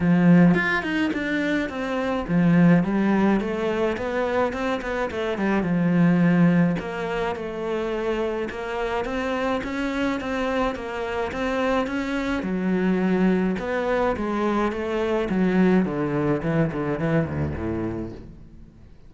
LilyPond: \new Staff \with { instrumentName = "cello" } { \time 4/4 \tempo 4 = 106 f4 f'8 dis'8 d'4 c'4 | f4 g4 a4 b4 | c'8 b8 a8 g8 f2 | ais4 a2 ais4 |
c'4 cis'4 c'4 ais4 | c'4 cis'4 fis2 | b4 gis4 a4 fis4 | d4 e8 d8 e8 d,8 a,4 | }